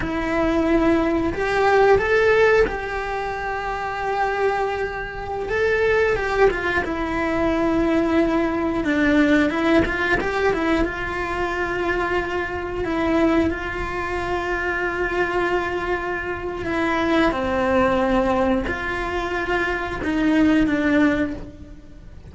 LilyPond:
\new Staff \with { instrumentName = "cello" } { \time 4/4 \tempo 4 = 90 e'2 g'4 a'4 | g'1~ | g'16 a'4 g'8 f'8 e'4.~ e'16~ | e'4~ e'16 d'4 e'8 f'8 g'8 e'16~ |
e'16 f'2. e'8.~ | e'16 f'2.~ f'8.~ | f'4 e'4 c'2 | f'2 dis'4 d'4 | }